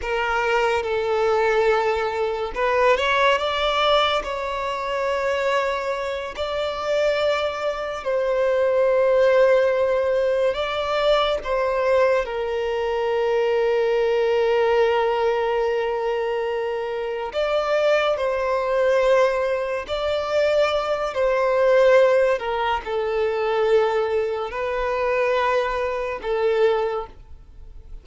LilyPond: \new Staff \with { instrumentName = "violin" } { \time 4/4 \tempo 4 = 71 ais'4 a'2 b'8 cis''8 | d''4 cis''2~ cis''8 d''8~ | d''4. c''2~ c''8~ | c''8 d''4 c''4 ais'4.~ |
ais'1~ | ais'8 d''4 c''2 d''8~ | d''4 c''4. ais'8 a'4~ | a'4 b'2 a'4 | }